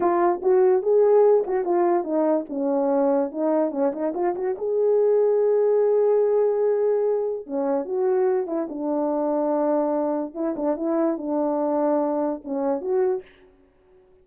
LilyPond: \new Staff \with { instrumentName = "horn" } { \time 4/4 \tempo 4 = 145 f'4 fis'4 gis'4. fis'8 | f'4 dis'4 cis'2 | dis'4 cis'8 dis'8 f'8 fis'8 gis'4~ | gis'1~ |
gis'2 cis'4 fis'4~ | fis'8 e'8 d'2.~ | d'4 e'8 d'8 e'4 d'4~ | d'2 cis'4 fis'4 | }